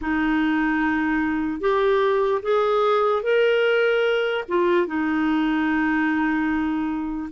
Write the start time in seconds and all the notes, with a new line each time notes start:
0.01 D#4
1.60 G4
2.42 G#4
3.22 A#4
4.48 F4
4.86 D#4